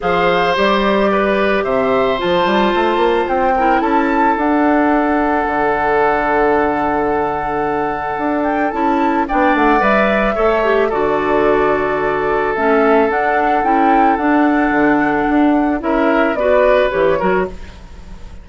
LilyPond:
<<
  \new Staff \with { instrumentName = "flute" } { \time 4/4 \tempo 4 = 110 f''4 d''2 e''4 | a''2 g''4 a''4 | fis''1~ | fis''2.~ fis''8 g''8 |
a''4 g''8 fis''8 e''2 | d''2. e''4 | fis''4 g''4 fis''2~ | fis''4 e''4 d''4 cis''4 | }
  \new Staff \with { instrumentName = "oboe" } { \time 4/4 c''2 b'4 c''4~ | c''2~ c''8 ais'8 a'4~ | a'1~ | a'1~ |
a'4 d''2 cis''4 | a'1~ | a'1~ | a'4 ais'4 b'4. ais'8 | }
  \new Staff \with { instrumentName = "clarinet" } { \time 4/4 gis'4 g'2. | f'2~ f'8 e'4. | d'1~ | d'1 |
e'4 d'4 b'4 a'8 g'8 | fis'2. cis'4 | d'4 e'4 d'2~ | d'4 e'4 fis'4 g'8 fis'8 | }
  \new Staff \with { instrumentName = "bassoon" } { \time 4/4 f4 g2 c4 | f8 g8 a8 ais8 c'4 cis'4 | d'2 d2~ | d2. d'4 |
cis'4 b8 a8 g4 a4 | d2. a4 | d'4 cis'4 d'4 d4 | d'4 cis'4 b4 e8 fis8 | }
>>